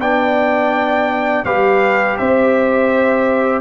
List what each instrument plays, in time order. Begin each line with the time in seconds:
0.00 tuba B3, trombone D4, horn D5, trumpet G5
1.45 tuba G3, trombone G4, horn B4, trumpet F5
2.18 tuba C4, horn C5, trumpet E5